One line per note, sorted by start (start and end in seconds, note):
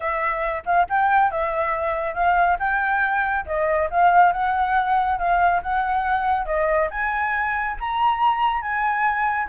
0.00 0.63 E5
0.65 0.87 F5
0.89 1.31 G5
1.31 2.14 E5
2.14 2.57 F5
2.59 3.45 G5
3.46 3.89 D#5
3.90 4.32 F5
4.32 5.18 F#5
5.18 5.61 F5
5.62 6.45 F#5
6.45 6.88 D#5
6.90 7.76 G#5
7.80 8.61 A#5
8.61 9.47 G#5